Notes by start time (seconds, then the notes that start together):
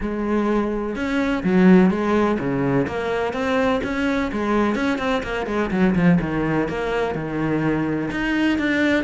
0.00 G#3
0.95 C#4
1.43 F#3
1.90 G#3
2.39 C#3
2.87 A#3
3.33 C4
3.83 C#4
4.32 G#3
4.75 C#4
4.98 C4
5.23 A#3
5.46 G#3
5.71 F#3
5.95 F3
6.21 D#3
6.68 A#3
7.14 D#3
8.10 D#4
8.58 D4